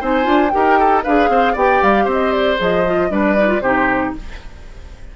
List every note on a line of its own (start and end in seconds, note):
0.00 0.26 C4
0.00 0.23 D#4
0.00 0.52 C5
0.00 0.49 G#5
0.23 0.52 D4
0.23 0.49 F4
0.49 1.03 G4
0.49 0.79 A#4
0.49 1.01 G5
0.55 1.06 D#4
0.79 1.03 A4
1.03 1.29 D4
1.03 1.56 G#4
1.03 1.29 B4
1.03 1.56 F5
1.29 1.55 C4
1.29 1.53 C5
1.53 1.81 B3
1.53 2.57 G4
1.53 2.04 D5
1.53 1.83 G5
1.82 2.06 G3
1.82 2.09 F5
2.04 2.57 C4
2.04 3.08 C5
2.12 2.33 D#5
2.33 2.59 D5
2.57 3.10 F3
2.57 2.83 G#4
2.57 3.11 D#5
2.86 3.10 F4
3.10 3.61 G3
3.10 3.36 D4
3.10 3.63 B4
3.10 3.61 D5
3.37 3.47 D#4
3.47 3.60 F4
3.61 4.12 C3
3.61 4.16 D#4
3.61 4.14 G4
3.61 4.13 C5